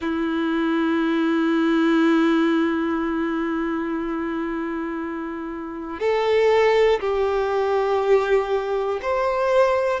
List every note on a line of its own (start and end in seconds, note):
0.00 5.99 E4
5.99 6.99 A4
7.00 9.00 G4
9.02 10.00 C5